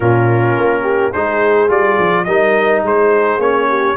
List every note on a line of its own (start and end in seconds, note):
0.00 0.56 A#2
0.00 1.13 C#4
0.00 0.82 F4
0.00 1.12 A#4
0.56 1.12 A#3
0.82 1.10 G4
1.11 1.69 G#3
1.11 1.68 D#4
1.11 2.24 G#4
1.11 1.69 C5
1.68 1.97 G3
1.68 2.25 F4
1.68 2.24 D5
1.99 2.27 F3
2.24 2.83 G3
2.24 3.40 D#4
2.24 2.83 A#4
2.24 2.81 D#5
2.83 3.38 G#3
2.83 3.68 G#4
2.83 3.40 C5
3.38 3.95 A#3
3.38 3.96 C#4
3.38 3.96 C#5
3.68 3.96 G4